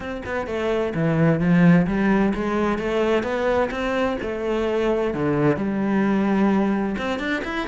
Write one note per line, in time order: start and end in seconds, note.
0.00 0.22 C4
0.25 0.47 B3
0.47 0.93 A3
0.94 1.40 E3
1.40 1.86 F3
1.86 2.33 G3
2.34 2.78 G#3
2.78 3.23 A3
3.23 3.69 B3
3.70 4.17 C4
4.22 5.14 A3
5.14 5.56 D3
5.56 6.95 G3
6.98 7.19 C4
7.19 7.42 D4
7.44 7.67 E4